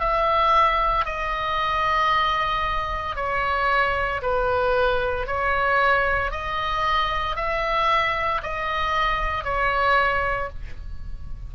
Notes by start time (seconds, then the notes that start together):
0.00 E5
1.05 D#5
3.16 C#5
4.22 B4
5.27 C#5
6.32 D#5
7.36 E5
8.43 D#5
9.44 C#5